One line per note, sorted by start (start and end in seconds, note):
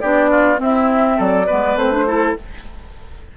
0.00 0.59 B3
0.00 0.56 D4
0.00 0.30 G4
0.00 0.59 D5
0.30 0.60 F4
0.56 1.44 C4
0.56 1.18 C4
0.56 1.20 E5
0.64 1.17 E4
1.17 1.48 F#3
1.17 1.46 A4
1.17 1.77 D5
1.46 1.77 B3
1.46 2.05 B4
1.53 1.75 G#3
1.75 2.34 A3
1.75 1.91 C4
1.75 2.36 C5
1.91 2.06 D4
2.07 2.36 E4
2.07 2.37 A4